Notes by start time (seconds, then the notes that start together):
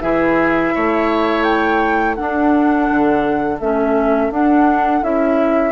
0.00 E3 E4 G#4 E5
0.74 A3 C#5
1.43 G5
2.15 D4 A4 F#5
2.90 D3
3.60 A3 C#4 E5
4.30 D4 F#5
5.02 C#4 E4 E5